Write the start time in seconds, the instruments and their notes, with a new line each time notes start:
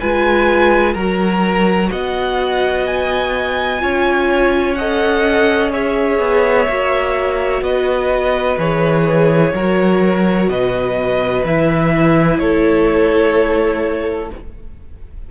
0.00 cello G#3, viola F4, violin B4 G#5
0.94 cello F#3, viola F#4, violin A#4 A#5
1.91 cello B3, violin D#5 F#5
2.87 violin G#5
3.80 cello C#4, viola F4, violin C#5
4.75 viola A4, violin D#5 F#5
5.72 viola G#4, violin C#5 E5
6.19 cello B3
6.69 cello A#3, viola F#4
7.62 cello B3, violin B4 D#5
8.58 cello E3, viola G#4, violin C#5
9.54 cello F#3, viola F#4, violin A#4
10.48 cello B2, violin B4 D#5
11.44 cello E3, viola E4, violin E5
12.39 cello A3, violin A4 C#5